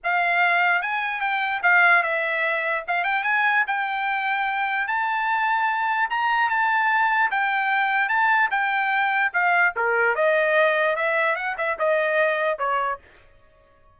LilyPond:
\new Staff \with { instrumentName = "trumpet" } { \time 4/4 \tempo 4 = 148 f''2 gis''4 g''4 | f''4 e''2 f''8 g''8 | gis''4 g''2. | a''2. ais''4 |
a''2 g''2 | a''4 g''2 f''4 | ais'4 dis''2 e''4 | fis''8 e''8 dis''2 cis''4 | }